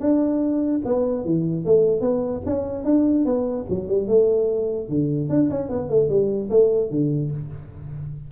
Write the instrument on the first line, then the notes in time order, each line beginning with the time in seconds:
tuba
0.00 D4
0.85 B3
1.25 E3
1.65 A3
2.01 B3
2.46 C#4
2.84 D4
3.25 B3
3.69 F#3
3.88 G3
4.08 A3
4.89 D3
5.29 D4
5.50 C#4
5.69 B3
5.89 A3
6.09 G3
6.50 A3
6.90 D3